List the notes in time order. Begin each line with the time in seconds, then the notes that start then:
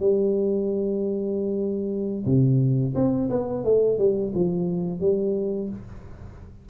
0.00 G3
2.26 C3
2.95 C4
3.30 B3
3.65 A3
3.98 G3
4.35 F3
5.01 G3